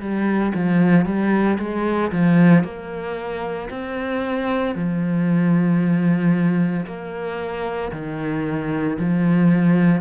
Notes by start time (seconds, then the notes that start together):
0.00 G3
0.54 F3
1.05 G3
1.58 G#3
2.11 F3
2.64 A#3
3.69 C4
4.75 F3
6.86 A#3
7.92 D#3
8.99 F3